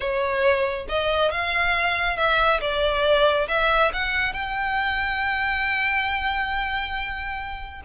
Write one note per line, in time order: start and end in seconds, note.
0.00 0.86 C#5
0.89 1.31 D#5
1.31 2.16 F5
2.16 2.60 E5
2.60 3.47 D5
3.48 3.91 E5
3.93 4.33 F#5
4.33 7.81 G5